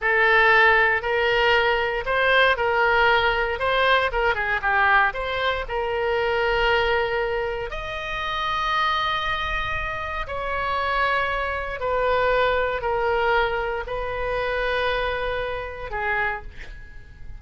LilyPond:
\new Staff \with { instrumentName = "oboe" } { \time 4/4 \tempo 4 = 117 a'2 ais'2 | c''4 ais'2 c''4 | ais'8 gis'8 g'4 c''4 ais'4~ | ais'2. dis''4~ |
dis''1 | cis''2. b'4~ | b'4 ais'2 b'4~ | b'2. gis'4 | }